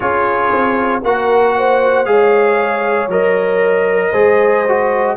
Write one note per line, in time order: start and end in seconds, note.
0.00 0.52 C#4
0.00 1.02 F4
0.00 1.02 G#4
0.00 1.02 C#5
0.52 1.03 C4
1.03 2.06 A#3
1.03 2.05 F#4
1.03 1.56 A#4
1.03 2.05 F#5
1.57 2.09 C5
2.05 3.08 G#3
2.05 3.09 G#4
2.05 4.11 C#5
2.05 3.08 F5
3.08 4.11 F#3
3.08 4.13 A#4
3.08 5.16 D#5
4.11 5.16 G#3
4.11 4.64 G#4
4.11 5.15 C5
4.68 5.16 F#4